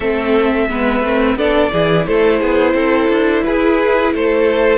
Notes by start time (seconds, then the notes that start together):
0.00 A3 C4 A4 E5
0.68 G#3 B3 B4
1.01 A3 C4
1.35 B3 D4 A4 D5
1.72 E3 E4 G#4
2.06 A3 A4 C5
2.39 B3 G#4
2.73 C4 A4
3.08 D4
3.43 E4 G#4 B4
4.14 A3 A4 C5